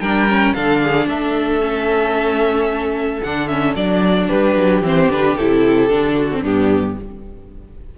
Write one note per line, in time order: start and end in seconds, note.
0.00 0.54 G3
0.00 0.29 D4
0.00 0.56 A#4
0.00 0.54 G5
0.29 0.56 C#4
0.54 1.08 D3
0.54 1.61 D4
0.54 0.82 A4
0.54 1.08 F5
0.83 1.09 G#4
1.08 3.22 A3
1.08 4.28 A4
1.08 3.23 E5
1.61 3.22 C#4
3.23 3.76 D3
3.23 3.50 D4
3.23 3.48 F#5
3.48 3.76 C#4
3.48 3.75 E5
3.76 4.30 F#3
3.76 4.84 D4
3.76 4.29 D5
4.28 4.56 G3
4.28 6.14 G4
4.28 4.83 B4
4.56 4.83 F#3
4.83 5.09 E3
4.83 5.11 C4
4.83 5.12 C5
5.10 5.37 D3
5.10 5.38 D4
5.10 5.37 B4
5.37 5.91 C3
5.37 5.90 E4
5.37 6.44 A4
5.90 6.43 D3
5.90 6.30 D4
6.14 6.41 F#4
6.33 6.45 C4
6.42 6.96 G2
6.42 6.99 B3
6.42 6.95 D4
6.42 6.98 G4